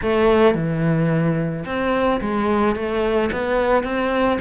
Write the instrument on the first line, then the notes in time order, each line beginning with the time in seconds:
cello
0.02 A3
0.54 E3
1.65 C4
2.20 G#3
2.75 A3
3.32 B3
3.83 C4